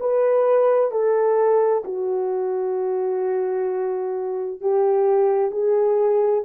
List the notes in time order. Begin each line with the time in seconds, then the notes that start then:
0.00 B4
0.91 A4
1.84 F#4
4.61 G4
5.51 G#4